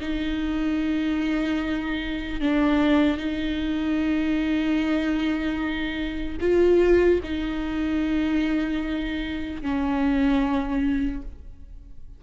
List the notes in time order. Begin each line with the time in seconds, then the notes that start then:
0.00 D#4
2.40 D4
3.17 D#4
6.40 F4
7.23 D#4
9.62 C#4